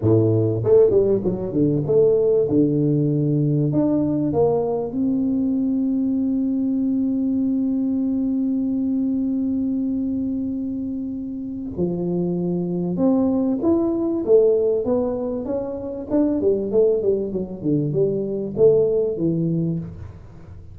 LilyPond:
\new Staff \with { instrumentName = "tuba" } { \time 4/4 \tempo 4 = 97 a,4 a8 g8 fis8 d8 a4 | d2 d'4 ais4 | c'1~ | c'1~ |
c'2. f4~ | f4 c'4 e'4 a4 | b4 cis'4 d'8 g8 a8 g8 | fis8 d8 g4 a4 e4 | }